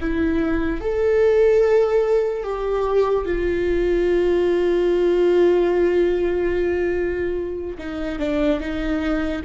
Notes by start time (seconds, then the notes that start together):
0.00 E4
0.81 A4
2.44 G4
3.25 F4
7.78 D#4
8.19 D4
8.60 D#4